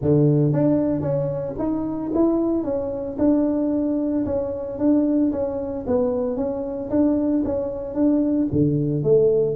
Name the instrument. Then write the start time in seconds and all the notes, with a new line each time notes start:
tuba
0.01 D3
0.52 D4
1.01 C#4
1.58 D#4
2.14 E4
2.63 C#4
3.18 D4
4.25 C#4
4.78 D4
5.32 C#4
5.86 B3
6.36 C#4
6.90 D4
7.44 C#4
7.94 D4
8.51 D3
9.03 A3